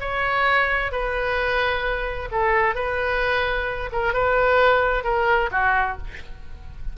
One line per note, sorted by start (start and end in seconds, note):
0.00 0.91 C#5
0.91 2.29 B4
2.31 2.75 A4
2.75 3.89 B4
3.92 4.13 A#4
4.13 5.03 B4
5.03 5.49 A#4
5.51 5.97 F#4